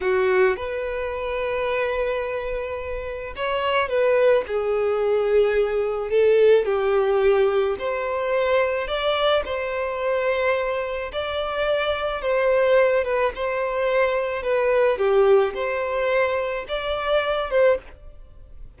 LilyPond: \new Staff \with { instrumentName = "violin" } { \time 4/4 \tempo 4 = 108 fis'4 b'2.~ | b'2 cis''4 b'4 | gis'2. a'4 | g'2 c''2 |
d''4 c''2. | d''2 c''4. b'8 | c''2 b'4 g'4 | c''2 d''4. c''8 | }